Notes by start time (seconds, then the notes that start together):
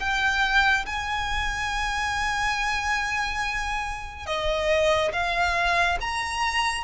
0.00 G5
0.86 G#5
4.27 D#5
5.13 F5
6.01 A#5